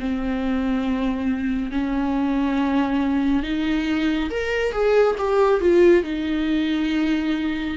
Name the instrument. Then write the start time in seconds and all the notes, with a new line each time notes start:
viola
0.00 C4
1.72 C#4
3.43 D#4
4.30 A#4
4.72 G#4
5.19 G4
5.61 F4
6.04 D#4